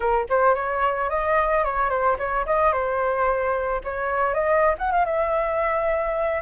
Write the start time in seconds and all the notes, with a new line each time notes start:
0.00 A#4
0.29 C5
0.55 C#5
1.09 D#5
1.64 C#5
1.89 C5
2.18 C#5
2.45 D#5
2.72 C5
3.83 C#5
4.34 D#5
4.78 F#5
4.91 F5
5.05 E5